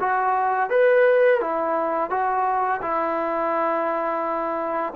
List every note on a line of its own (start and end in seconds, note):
0.00 0.70 F#4
0.70 1.41 B4
1.41 2.10 E4
2.10 2.81 F#4
2.82 4.94 E4